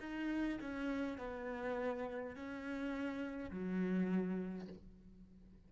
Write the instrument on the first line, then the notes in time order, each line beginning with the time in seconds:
cello
0.00 D#4
0.60 C#4
1.18 B3
2.35 C#4
3.50 F#3